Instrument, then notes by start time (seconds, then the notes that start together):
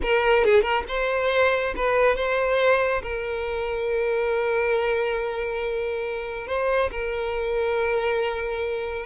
violin
0.02 A#4
0.44 G#4
0.62 A#4
0.88 C5
1.76 B4
2.15 C5
3.02 A#4
6.47 C5
6.91 A#4